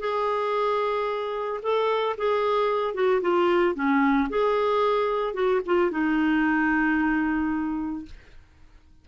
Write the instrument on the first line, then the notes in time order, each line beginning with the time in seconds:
clarinet
0.00 G#4
1.63 A4
2.17 G#4
2.94 F#4
3.21 F4
3.75 C#4
4.30 G#4
5.34 F#4
5.66 F4
5.91 D#4